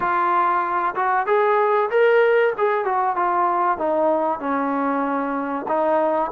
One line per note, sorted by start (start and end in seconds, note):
0.00 0.94 F4
0.95 1.26 F#4
1.26 1.89 G#4
1.90 2.53 A#4
2.57 2.84 G#4
2.84 3.16 F#4
3.16 3.78 F4
3.78 4.39 D#4
4.39 5.66 C#4
5.68 6.31 D#4